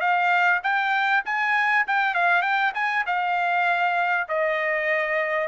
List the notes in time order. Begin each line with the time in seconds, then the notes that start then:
0.00 F5
0.63 G5
1.25 G#5
1.87 G5
2.14 F5
2.42 G5
2.74 G#5
3.06 F5
4.28 D#5